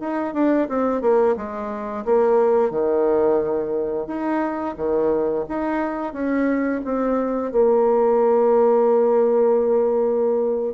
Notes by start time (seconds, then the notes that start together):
0.00 D#4
0.34 D4
0.68 C4
1.01 A#3
1.36 G#3
2.05 A#3
2.71 D#3
4.07 D#4
4.76 D#3
5.49 D#4
6.13 C#4
6.85 C4
7.52 A#3